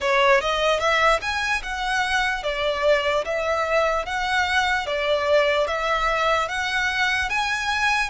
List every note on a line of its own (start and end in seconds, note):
0.00 0.41 C#5
0.41 0.79 D#5
0.79 1.19 E5
1.21 1.62 G#5
1.62 2.43 F#5
2.43 3.24 D5
3.24 4.05 E5
4.05 4.86 F#5
4.86 5.67 D5
5.67 6.48 E5
6.48 7.29 F#5
7.29 8.09 G#5